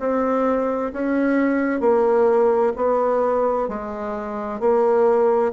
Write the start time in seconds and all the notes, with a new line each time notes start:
0.00 C4
0.93 C#4
1.81 A#3
2.76 B3
3.68 G#3
4.60 A#3